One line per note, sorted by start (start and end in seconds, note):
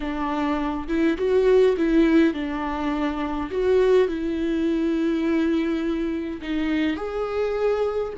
0.00 0.87 D4
0.88 1.17 E4
1.17 1.76 F#4
1.77 2.33 E4
2.33 3.50 D4
3.51 4.08 F#4
4.08 6.41 E4
6.41 6.96 D#4
6.96 8.13 G#4